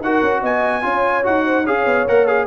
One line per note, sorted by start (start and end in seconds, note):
0.00 0.21 D#4
0.00 0.82 F#4
0.00 0.41 A#4
0.00 0.43 F#5
0.22 0.42 C#4
0.41 0.83 B3
0.41 0.82 D#5
0.41 1.25 G#5
0.82 1.24 C#4
0.82 1.23 F4
0.82 1.45 C#5
1.23 1.67 D#4
1.23 1.64 F#4
1.23 1.66 F#5
1.45 1.63 C5
1.63 1.85 C#4
1.63 2.07 G#4
1.63 2.45 C#5
1.63 2.07 F5
1.85 2.06 B3
2.06 2.47 A#3
2.06 2.27 A#4
2.06 2.27 F#5
2.27 2.47 G#4
2.27 2.47 F5